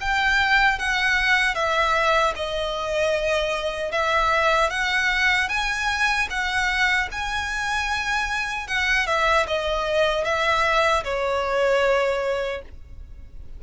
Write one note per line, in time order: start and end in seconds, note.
0.00 0.78 G5
0.78 1.54 F#5
1.54 2.33 E5
2.35 3.91 D#5
3.91 4.70 E5
4.70 5.48 F#5
5.48 6.27 G#5
6.29 7.08 F#5
7.11 8.67 G#5
8.67 9.06 F#5
9.06 9.46 E5
9.47 10.24 D#5
10.24 11.03 E5
11.03 12.61 C#5